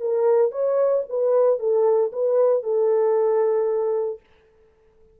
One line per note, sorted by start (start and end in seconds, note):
0.00 0.51 A#4
0.51 1.03 C#5
1.09 1.59 B4
1.59 2.11 A4
2.12 2.63 B4
2.63 4.20 A4